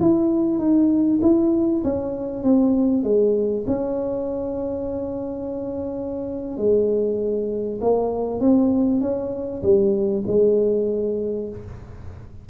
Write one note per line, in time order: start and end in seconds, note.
0.00 0.59 E4
0.59 1.20 D#4
1.22 1.83 E4
1.84 2.43 C#4
2.43 3.04 C4
3.04 3.65 G#3
3.67 6.58 C#4
6.58 7.80 G#3
7.81 8.40 A#3
8.40 9.01 C4
9.01 9.62 C#4
9.63 10.24 G3
10.27 11.50 G#3